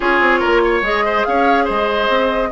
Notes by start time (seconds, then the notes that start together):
0.00 C#4 F4 G#4 C#5
0.20 C4
0.39 A#4
0.46 A#3
0.64 C#5
0.82 G#3 G#4 D#5
1.05 C5
1.24 C#4 C#5 F5
1.64 G#3 C5 D#5
2.08 C4